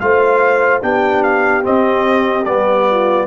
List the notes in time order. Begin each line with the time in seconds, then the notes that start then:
0.00 A3 F4 C5 F5
0.81 B3 D4 G4 G5
1.23 F5
1.63 C4 D#5
2.45 G3 B3 D5
2.91 F4